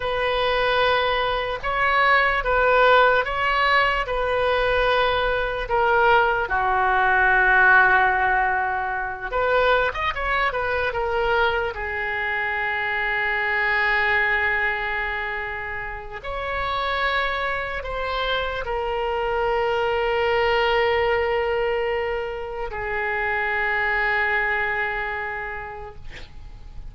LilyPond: \new Staff \with { instrumentName = "oboe" } { \time 4/4 \tempo 4 = 74 b'2 cis''4 b'4 | cis''4 b'2 ais'4 | fis'2.~ fis'8 b'8~ | b'16 dis''16 cis''8 b'8 ais'4 gis'4.~ |
gis'1 | cis''2 c''4 ais'4~ | ais'1 | gis'1 | }